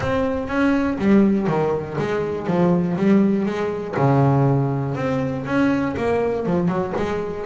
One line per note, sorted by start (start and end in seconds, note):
0.00 0.48 C4
0.48 0.97 C#4
0.98 1.47 G3
1.47 1.97 D#3
1.98 2.46 G#3
2.46 2.96 F3
2.97 3.45 G3
3.45 3.95 G#3
3.96 4.95 C#3
4.95 5.45 C4
5.45 5.95 C#4
5.96 6.46 A#3
6.46 6.68 F3
6.68 6.93 F#3
6.96 7.45 G#3